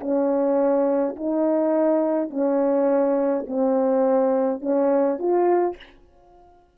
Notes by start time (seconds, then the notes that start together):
0.00 C#4
1.16 D#4
2.30 C#4
3.48 C4
4.62 C#4
5.19 F4